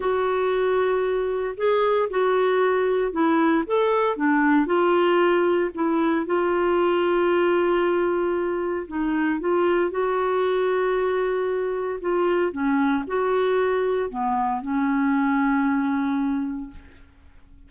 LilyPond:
\new Staff \with { instrumentName = "clarinet" } { \time 4/4 \tempo 4 = 115 fis'2. gis'4 | fis'2 e'4 a'4 | d'4 f'2 e'4 | f'1~ |
f'4 dis'4 f'4 fis'4~ | fis'2. f'4 | cis'4 fis'2 b4 | cis'1 | }